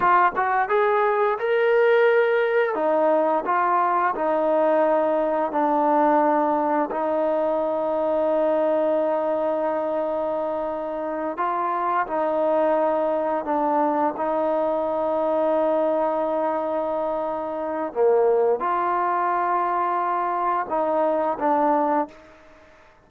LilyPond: \new Staff \with { instrumentName = "trombone" } { \time 4/4 \tempo 4 = 87 f'8 fis'8 gis'4 ais'2 | dis'4 f'4 dis'2 | d'2 dis'2~ | dis'1~ |
dis'8 f'4 dis'2 d'8~ | d'8 dis'2.~ dis'8~ | dis'2 ais4 f'4~ | f'2 dis'4 d'4 | }